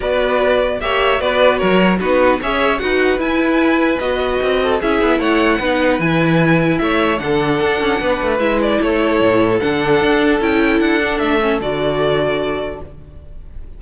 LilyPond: <<
  \new Staff \with { instrumentName = "violin" } { \time 4/4 \tempo 4 = 150 d''2 e''4 d''4 | cis''4 b'4 e''4 fis''4 | gis''2 dis''2 | e''4 fis''2 gis''4~ |
gis''4 e''4 fis''2~ | fis''4 e''8 d''8 cis''2 | fis''2 g''4 fis''4 | e''4 d''2. | }
  \new Staff \with { instrumentName = "violin" } { \time 4/4 b'2 cis''4 b'4 | ais'4 fis'4 cis''4 b'4~ | b'2.~ b'8 a'8 | gis'4 cis''4 b'2~ |
b'4 cis''4 a'2 | b'2 a'2~ | a'1~ | a'1 | }
  \new Staff \with { instrumentName = "viola" } { \time 4/4 fis'2 g'4 fis'4~ | fis'4 dis'4 gis'4 fis'4 | e'2 fis'2 | e'2 dis'4 e'4~ |
e'2 d'2~ | d'4 e'2. | d'2 e'4. d'8~ | d'8 cis'8 fis'2. | }
  \new Staff \with { instrumentName = "cello" } { \time 4/4 b2 ais4 b4 | fis4 b4 cis'4 dis'4 | e'2 b4 c'4 | cis'8 b8 a4 b4 e4~ |
e4 a4 d4 d'8 cis'8 | b8 a8 gis4 a4 a,4 | d4 d'4 cis'4 d'4 | a4 d2. | }
>>